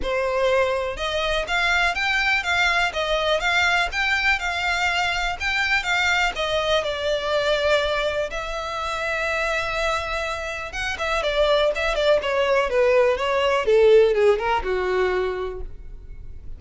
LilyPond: \new Staff \with { instrumentName = "violin" } { \time 4/4 \tempo 4 = 123 c''2 dis''4 f''4 | g''4 f''4 dis''4 f''4 | g''4 f''2 g''4 | f''4 dis''4 d''2~ |
d''4 e''2.~ | e''2 fis''8 e''8 d''4 | e''8 d''8 cis''4 b'4 cis''4 | a'4 gis'8 ais'8 fis'2 | }